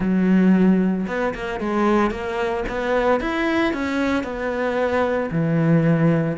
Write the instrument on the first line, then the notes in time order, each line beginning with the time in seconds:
cello
0.00 F#3
1.07 B3
1.34 A#3
1.60 G#3
2.10 A#3
2.68 B3
3.20 E4
3.73 C#4
4.23 B3
5.31 E3